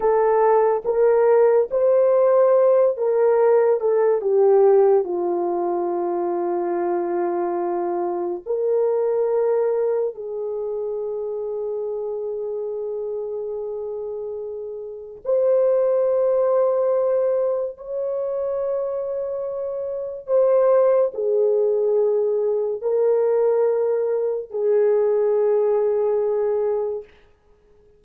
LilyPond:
\new Staff \with { instrumentName = "horn" } { \time 4/4 \tempo 4 = 71 a'4 ais'4 c''4. ais'8~ | ais'8 a'8 g'4 f'2~ | f'2 ais'2 | gis'1~ |
gis'2 c''2~ | c''4 cis''2. | c''4 gis'2 ais'4~ | ais'4 gis'2. | }